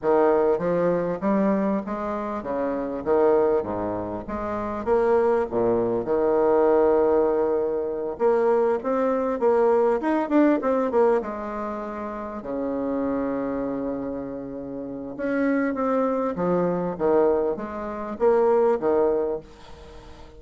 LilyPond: \new Staff \with { instrumentName = "bassoon" } { \time 4/4 \tempo 4 = 99 dis4 f4 g4 gis4 | cis4 dis4 gis,4 gis4 | ais4 ais,4 dis2~ | dis4. ais4 c'4 ais8~ |
ais8 dis'8 d'8 c'8 ais8 gis4.~ | gis8 cis2.~ cis8~ | cis4 cis'4 c'4 f4 | dis4 gis4 ais4 dis4 | }